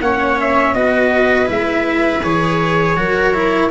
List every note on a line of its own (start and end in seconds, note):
0.00 0.74 A#3
0.00 0.75 C#4
0.00 0.76 C#5
0.00 0.38 F#5
0.40 0.74 E5
0.74 1.49 B3
0.74 1.46 F#4
0.74 2.98 B4
0.74 1.48 D#5
1.46 2.23 G#3
1.46 2.20 E4
1.46 2.23 E5
2.23 2.96 E3
2.23 2.96 G#4
2.23 3.71 C#5
2.96 3.71 F#3
2.96 3.33 F#4
2.96 3.71 A#4
3.34 3.71 E4